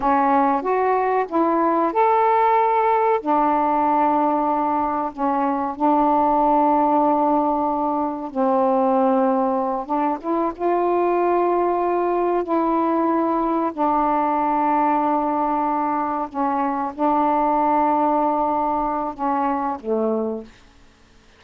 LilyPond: \new Staff \with { instrumentName = "saxophone" } { \time 4/4 \tempo 4 = 94 cis'4 fis'4 e'4 a'4~ | a'4 d'2. | cis'4 d'2.~ | d'4 c'2~ c'8 d'8 |
e'8 f'2. e'8~ | e'4. d'2~ d'8~ | d'4. cis'4 d'4.~ | d'2 cis'4 a4 | }